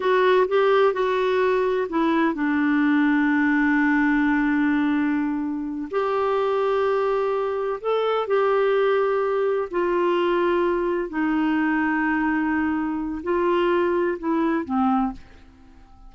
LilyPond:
\new Staff \with { instrumentName = "clarinet" } { \time 4/4 \tempo 4 = 127 fis'4 g'4 fis'2 | e'4 d'2.~ | d'1~ | d'8 g'2.~ g'8~ |
g'8 a'4 g'2~ g'8~ | g'8 f'2. dis'8~ | dis'1 | f'2 e'4 c'4 | }